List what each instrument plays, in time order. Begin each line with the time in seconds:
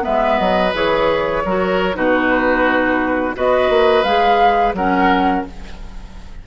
0.00 clarinet B3, oboe B4, flute E5
0.06 bassoon G#3
0.38 bassoon F#3, flute D#5
0.73 bassoon E3, clarinet G#4, flute C#5
1.45 bassoon F#3, clarinet F#4, oboe A#4
1.94 bassoon B2, clarinet D#4, oboe F#4, flute B4
3.34 bassoon B3, clarinet F#4, oboe B4, flute D#5
3.69 bassoon A#3
4.03 bassoon G#3, clarinet G#4, flute F5
4.73 bassoon F#3, clarinet C#4, oboe A#4, flute F#5